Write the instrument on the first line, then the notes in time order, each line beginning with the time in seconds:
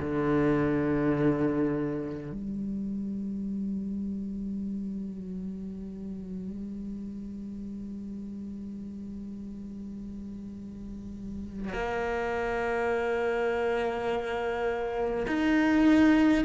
cello
0.00 D3
2.32 G3
11.73 A#3
15.27 D#4